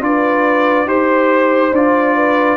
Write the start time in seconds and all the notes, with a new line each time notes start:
0.00 D4 F4 B4 D5
0.85 D#4 G4 C5
1.71 D4 F4 D5
2.16 B4